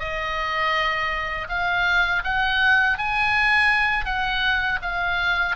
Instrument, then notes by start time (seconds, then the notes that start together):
oboe
0.00 D#5
1.49 F5
2.24 F#5
2.98 G#5
4.05 F#5
4.82 F5